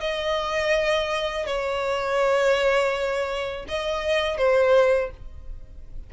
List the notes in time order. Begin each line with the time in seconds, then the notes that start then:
0.00 D#5
1.46 C#5
3.68 D#5
4.37 C5